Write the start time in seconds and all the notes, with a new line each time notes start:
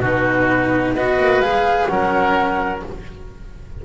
0.00 B2 D#4 F#4 B4
0.95 B3 F#4 B4 D#5
1.19 A#3
1.40 G#3 G#4 F5
1.87 F#3 C#4 A#4 F#5